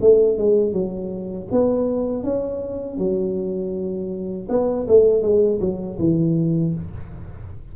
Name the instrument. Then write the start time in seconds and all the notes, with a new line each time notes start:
tuba
0.00 A3
0.38 G#3
0.72 F#3
1.51 B3
2.23 C#4
2.97 F#3
4.49 B3
4.88 A3
5.22 G#3
5.60 F#3
5.99 E3